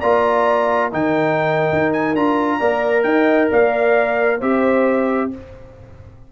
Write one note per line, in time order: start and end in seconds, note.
0.00 0.93 A#3
0.00 0.92 F4
0.00 0.90 D5
0.00 0.91 A#5
0.92 1.72 D#3
0.92 2.16 D#4
0.92 2.59 A#4
0.92 1.93 G5
1.72 2.15 D#4
1.93 2.15 G#5
2.15 2.60 D4
2.15 2.60 F4
2.15 3.03 A#5
2.59 3.04 A#3
2.59 4.41 A#4
2.59 3.04 D5
3.03 3.49 D#4
3.03 3.51 D#5
3.03 3.48 G5
3.51 4.42 A#3
3.51 4.38 D5
3.51 4.41 F5
4.38 5.32 C4
4.38 5.31 G4
4.38 5.29 C5
4.38 5.31 E5